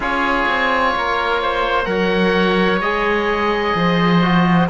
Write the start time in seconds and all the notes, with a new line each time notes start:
0.00 C#4 F4 G#4 C#5
0.47 C4
0.95 A#3 A#4
1.41 C5
1.84 F#3 A#4 C#5 F#5
2.79 G#3 G#4 D#5
3.74 F3 C5
4.22 F#4